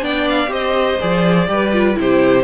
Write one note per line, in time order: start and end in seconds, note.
0.00 0.47 B3
0.00 0.47 D4
0.00 0.50 D5
0.00 0.28 G5
0.28 0.52 F5
0.47 0.96 C4
0.47 0.95 G4
0.47 1.47 C5
0.47 1.01 D#5
1.00 1.48 F3
1.00 1.47 G#4
1.00 1.97 D5
1.47 1.96 G3
1.47 1.71 G4
1.47 1.98 B4
1.72 1.94 F4
1.94 2.44 C3
1.94 2.43 E4
1.94 2.44 G4
1.94 2.44 C5